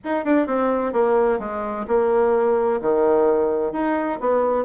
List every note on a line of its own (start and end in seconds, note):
0.04 0.25 D#4
0.25 0.47 D4
0.47 0.92 C4
0.92 1.39 A#3
1.39 1.85 G#3
1.87 2.80 A#3
2.81 3.72 D#3
3.72 4.19 D#4
4.20 4.64 B3